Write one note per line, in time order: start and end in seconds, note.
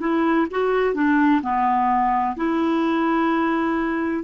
0.00 0.47 E4
0.51 0.95 F#4
0.95 1.41 D4
1.42 2.36 B3
2.37 4.24 E4